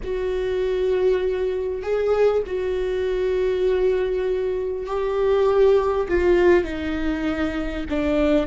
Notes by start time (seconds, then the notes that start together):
0.03 F#4
1.82 G#4
2.46 F#4
4.86 G4
6.08 F4
6.64 D#4
7.89 D4